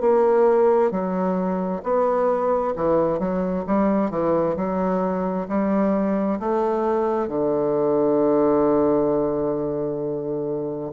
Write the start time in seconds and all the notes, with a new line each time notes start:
0.00 A#3
0.91 F#3
1.83 B3
2.76 E3
3.19 F#3
3.67 G3
4.10 E3
4.56 F#3
5.48 G3
6.39 A3
7.28 D3